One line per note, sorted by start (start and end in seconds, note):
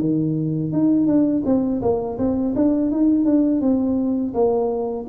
0.00 0.72 D#3
0.72 1.06 D#4
1.06 1.43 D4
1.45 1.81 C4
1.82 2.18 A#3
2.18 2.54 C4
2.55 2.91 D4
2.91 3.25 D#4
3.25 3.61 D4
3.61 4.33 C4
4.34 5.06 A#3